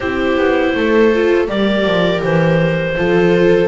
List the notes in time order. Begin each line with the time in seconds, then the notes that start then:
0.00 C4 E4 G4 C5
0.37 B3
0.74 A3 A4
1.13 F4
1.46 G3 G4 A#4 D5
1.85 F3
2.22 E3 C5
2.97 F3 F4 A4